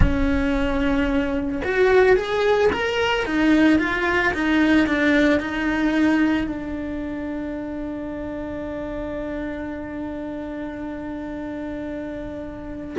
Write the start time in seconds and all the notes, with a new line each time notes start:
0.00 C#4
1.64 F#4
2.16 G#4
2.72 A#4
3.25 D#4
3.78 F4
4.33 D#4
4.86 D4
5.40 D#4
6.47 D4